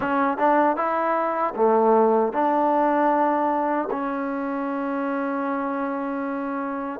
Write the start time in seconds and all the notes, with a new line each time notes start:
0.00 C#4
0.37 D4
0.76 E4
1.55 A3
2.32 D4
3.90 C#4